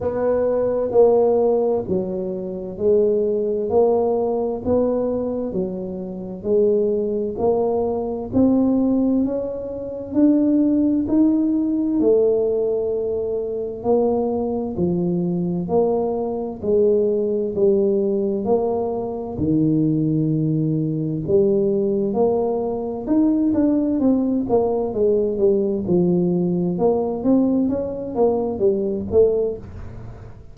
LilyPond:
\new Staff \with { instrumentName = "tuba" } { \time 4/4 \tempo 4 = 65 b4 ais4 fis4 gis4 | ais4 b4 fis4 gis4 | ais4 c'4 cis'4 d'4 | dis'4 a2 ais4 |
f4 ais4 gis4 g4 | ais4 dis2 g4 | ais4 dis'8 d'8 c'8 ais8 gis8 g8 | f4 ais8 c'8 cis'8 ais8 g8 a8 | }